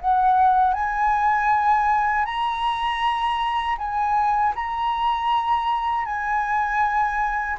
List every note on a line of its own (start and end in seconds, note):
0.00 0.73 F#5
0.73 2.25 G#5
2.25 3.77 A#5
3.78 4.54 G#5
4.55 6.05 A#5
6.05 7.57 G#5